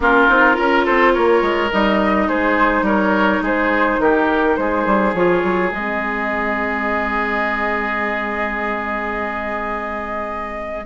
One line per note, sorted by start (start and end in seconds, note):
0.00 0.27 A#3
0.00 0.29 C#4
0.00 0.56 F4
0.00 0.86 A#4
0.29 0.57 C4
0.29 0.54 D#4
0.54 0.86 C#4
0.54 1.68 F4
0.54 0.84 A#4
0.84 1.16 C4
0.84 1.13 A4
0.84 1.13 C5
1.13 1.42 A#3
1.13 2.28 A#4
1.13 1.70 C#5
1.42 1.70 G#3
1.71 2.28 G3
1.71 5.15 D#4
1.71 2.28 D#5
2.28 2.82 G#3
2.28 2.85 G#4
2.28 2.85 C5
2.82 3.39 G3
2.82 3.42 A#4
2.82 3.43 C#5
3.41 3.98 G#3
3.41 4.00 G#4
3.41 4.01 C5
3.99 4.56 D#3
3.99 4.59 G4
3.99 4.56 A#4
4.56 4.86 G#3
4.56 10.85 G#4
4.56 5.13 C5
4.86 5.13 G3
5.13 5.42 F3
5.13 5.72 F4
5.13 5.71 C#5
5.44 5.71 F#3
5.71 10.85 G#3
5.71 10.85 C4
5.71 10.85 D#5